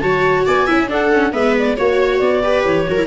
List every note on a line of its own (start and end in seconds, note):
0.00 0.47 F#3
0.00 0.68 F#4
0.00 0.46 C#5
0.00 0.44 A5
0.46 0.69 B3
0.46 0.67 D5
0.46 0.90 G#5
0.67 0.90 C#4
0.67 0.88 E4
0.67 0.89 E5
0.88 1.10 D4
0.88 1.33 D4
0.88 1.33 A4
0.88 1.33 F#5
1.13 1.32 C#4
1.32 1.77 G#3
1.32 1.76 B3
1.32 1.77 B4
1.32 1.55 E5
1.59 1.77 D5
1.77 2.21 A#3
1.77 2.43 F#4
1.77 2.19 C#5
1.77 2.43 C#5
2.19 2.65 B3
2.19 2.63 D5
2.43 2.87 G4
2.43 2.88 B4
2.65 2.87 E3
2.65 3.07 C#5
2.88 3.07 F#3
2.88 2.98 F#4
2.88 3.07 A#4
2.98 3.07 E4